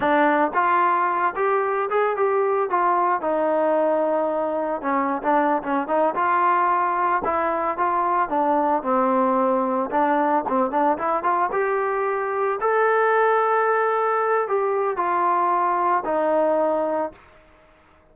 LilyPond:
\new Staff \with { instrumentName = "trombone" } { \time 4/4 \tempo 4 = 112 d'4 f'4. g'4 gis'8 | g'4 f'4 dis'2~ | dis'4 cis'8. d'8. cis'8 dis'8 f'8~ | f'4. e'4 f'4 d'8~ |
d'8 c'2 d'4 c'8 | d'8 e'8 f'8 g'2 a'8~ | a'2. g'4 | f'2 dis'2 | }